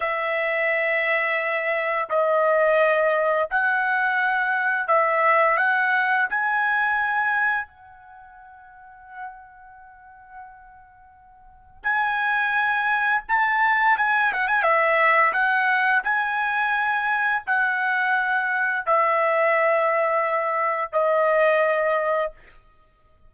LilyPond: \new Staff \with { instrumentName = "trumpet" } { \time 4/4 \tempo 4 = 86 e''2. dis''4~ | dis''4 fis''2 e''4 | fis''4 gis''2 fis''4~ | fis''1~ |
fis''4 gis''2 a''4 | gis''8 fis''16 gis''16 e''4 fis''4 gis''4~ | gis''4 fis''2 e''4~ | e''2 dis''2 | }